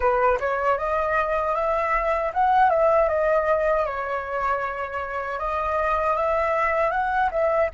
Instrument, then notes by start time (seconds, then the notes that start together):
flute
0.00 B4
0.40 C#5
0.78 D#5
1.55 E5
2.33 F#5
2.70 E5
3.08 D#5
3.85 C#5
5.39 D#5
6.16 E5
6.91 F#5
7.31 E5